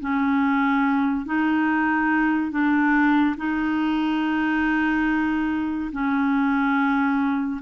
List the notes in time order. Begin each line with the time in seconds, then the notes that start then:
0.00 C#4
1.25 D#4
2.51 D4
3.37 D#4
5.92 C#4